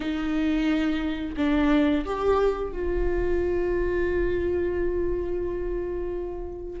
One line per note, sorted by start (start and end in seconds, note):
0.00 1.35 D#4
1.36 2.05 D4
2.05 2.72 G4
2.72 6.80 F4